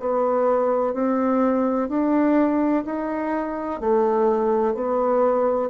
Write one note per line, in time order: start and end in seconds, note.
0.00 0.94 B3
0.94 1.89 C4
1.89 2.84 D4
2.86 3.81 D#4
3.81 4.75 A3
4.75 5.70 B3